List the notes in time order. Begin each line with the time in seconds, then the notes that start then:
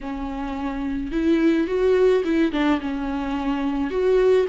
0.00 C#4
1.11 E4
1.67 F#4
2.24 E4
2.52 D4
2.80 C#4
3.90 F#4